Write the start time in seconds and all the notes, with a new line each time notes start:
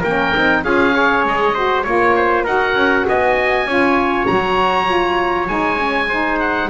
0.00 A#3 A#4 G5
0.06 C#4
0.34 C4 D#4
0.64 C#4 F4 G#4 F5
0.92 G#4 C#5
1.24 G#3 D#5
1.54 F#4 C5
1.82 A#3 F4 C#5
2.16 C5
2.44 D#4 F#4 A#4 F#5
2.75 C#4
3.07 B3 D#5 G#5
3.65 C#4 F4 C#5
4.26 F#3 F#4 A#5
4.86 F4
5.48 G#3 D#4 G#5
5.77 C#4
6.08 D#4 C5
6.40 F#5